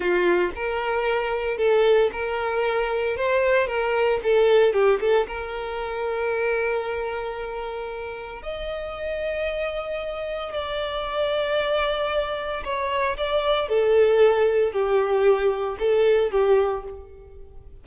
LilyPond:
\new Staff \with { instrumentName = "violin" } { \time 4/4 \tempo 4 = 114 f'4 ais'2 a'4 | ais'2 c''4 ais'4 | a'4 g'8 a'8 ais'2~ | ais'1 |
dis''1 | d''1 | cis''4 d''4 a'2 | g'2 a'4 g'4 | }